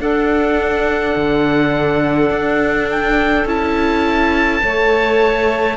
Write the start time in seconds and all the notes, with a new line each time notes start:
0.00 D4 A4 F#5
1.16 D3
2.30 D4
2.91 G5
3.45 C#4 E4 A5
4.63 A3 A4 C#5